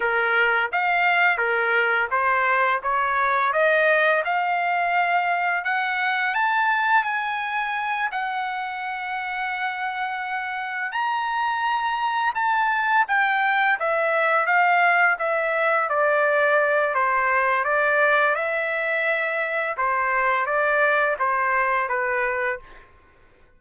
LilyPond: \new Staff \with { instrumentName = "trumpet" } { \time 4/4 \tempo 4 = 85 ais'4 f''4 ais'4 c''4 | cis''4 dis''4 f''2 | fis''4 a''4 gis''4. fis''8~ | fis''2.~ fis''8 ais''8~ |
ais''4. a''4 g''4 e''8~ | e''8 f''4 e''4 d''4. | c''4 d''4 e''2 | c''4 d''4 c''4 b'4 | }